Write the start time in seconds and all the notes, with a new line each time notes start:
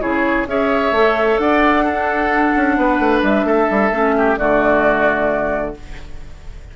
0.00 C#3 E4 G#4 C#5
0.46 C#4 G#4 C#5 E5
0.91 A3 A4
1.38 D4 D5 F#5
1.84 D4 A4
2.56 C#4
2.77 B3 B4
2.99 A3
3.23 G3 E5
3.44 A3 A4
3.71 G3
3.91 A3 C#4
4.17 G4
4.37 D3 A3 F#4 D5